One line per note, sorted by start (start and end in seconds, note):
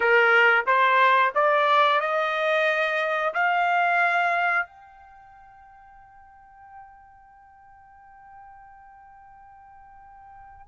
0.00 0.65 A#4
0.66 1.32 C5
1.35 2.00 D5
2.00 3.33 D#5
3.33 4.66 F5
4.66 10.66 G5